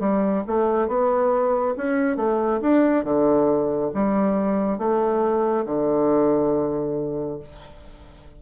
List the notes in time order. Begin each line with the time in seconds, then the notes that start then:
0.00 G3
0.47 A3
0.88 B3
1.77 C#4
2.17 A3
2.61 D4
3.04 D3
3.94 G3
4.78 A3
5.65 D3